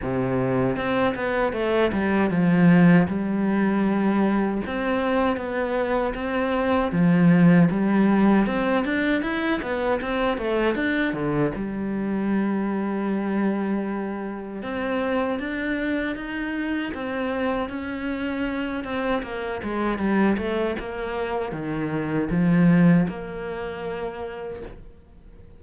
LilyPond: \new Staff \with { instrumentName = "cello" } { \time 4/4 \tempo 4 = 78 c4 c'8 b8 a8 g8 f4 | g2 c'4 b4 | c'4 f4 g4 c'8 d'8 | e'8 b8 c'8 a8 d'8 d8 g4~ |
g2. c'4 | d'4 dis'4 c'4 cis'4~ | cis'8 c'8 ais8 gis8 g8 a8 ais4 | dis4 f4 ais2 | }